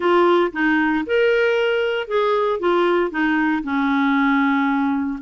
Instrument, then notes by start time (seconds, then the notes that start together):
clarinet
0.00 F4
0.52 D#4
1.06 A#4
2.07 G#4
2.59 F4
3.10 D#4
3.63 C#4